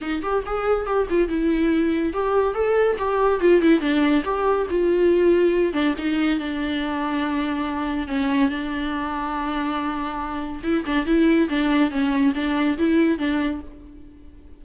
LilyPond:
\new Staff \with { instrumentName = "viola" } { \time 4/4 \tempo 4 = 141 dis'8 g'8 gis'4 g'8 f'8 e'4~ | e'4 g'4 a'4 g'4 | f'8 e'8 d'4 g'4 f'4~ | f'4. d'8 dis'4 d'4~ |
d'2. cis'4 | d'1~ | d'4 e'8 d'8 e'4 d'4 | cis'4 d'4 e'4 d'4 | }